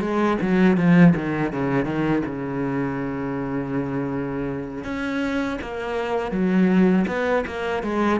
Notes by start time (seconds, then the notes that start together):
0.00 G#3
0.41 F#3
0.76 F3
1.15 D#3
1.52 C#3
1.85 D#3
2.26 C#3
4.84 C#4
5.61 A#3
6.31 F#3
7.07 B3
7.46 A#3
7.83 G#3